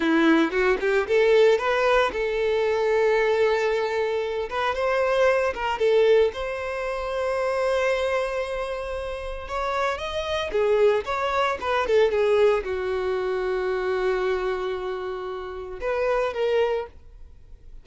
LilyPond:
\new Staff \with { instrumentName = "violin" } { \time 4/4 \tempo 4 = 114 e'4 fis'8 g'8 a'4 b'4 | a'1~ | a'8 b'8 c''4. ais'8 a'4 | c''1~ |
c''2 cis''4 dis''4 | gis'4 cis''4 b'8 a'8 gis'4 | fis'1~ | fis'2 b'4 ais'4 | }